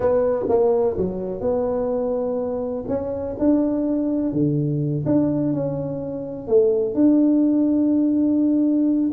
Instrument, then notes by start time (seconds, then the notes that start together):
tuba
0.00 B3
0.48 A#3
0.97 F#3
1.40 B3
2.88 C#4
3.39 D4
4.32 D3
5.05 D4
5.53 C#4
6.47 A3
6.94 D4